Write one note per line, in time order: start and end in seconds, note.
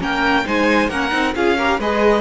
0.00 0.45 A#3
0.00 0.45 C#4
0.00 0.45 A#4
0.00 0.48 G5
0.45 0.89 G#3
0.45 0.90 D#4
0.45 0.90 C5
0.45 0.90 G#5
0.89 1.11 A#3
0.89 1.11 C#4
0.89 1.35 A#4
0.89 1.34 F#5
1.11 1.35 C4
1.11 1.33 D#4
1.35 1.79 C#4
1.35 1.58 F4
1.35 1.58 G#4
1.35 1.80 F5
1.58 1.82 G4
1.58 1.80 A#4
1.79 2.21 G#3
1.79 2.21 G#4
1.79 2.21 B4
1.79 2.21 D#5